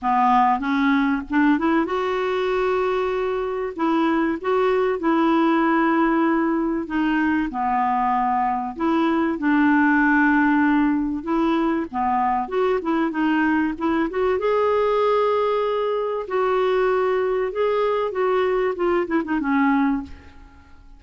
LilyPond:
\new Staff \with { instrumentName = "clarinet" } { \time 4/4 \tempo 4 = 96 b4 cis'4 d'8 e'8 fis'4~ | fis'2 e'4 fis'4 | e'2. dis'4 | b2 e'4 d'4~ |
d'2 e'4 b4 | fis'8 e'8 dis'4 e'8 fis'8 gis'4~ | gis'2 fis'2 | gis'4 fis'4 f'8 e'16 dis'16 cis'4 | }